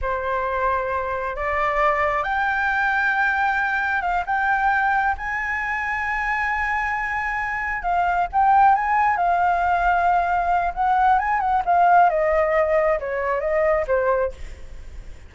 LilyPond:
\new Staff \with { instrumentName = "flute" } { \time 4/4 \tempo 4 = 134 c''2. d''4~ | d''4 g''2.~ | g''4 f''8 g''2 gis''8~ | gis''1~ |
gis''4. f''4 g''4 gis''8~ | gis''8 f''2.~ f''8 | fis''4 gis''8 fis''8 f''4 dis''4~ | dis''4 cis''4 dis''4 c''4 | }